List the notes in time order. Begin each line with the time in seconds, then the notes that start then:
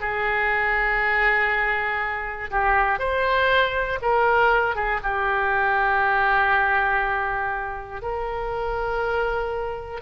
0.00 G#4
2.50 G4
2.99 C5
4.01 A#4
4.75 G#4
5.03 G4
8.01 A#4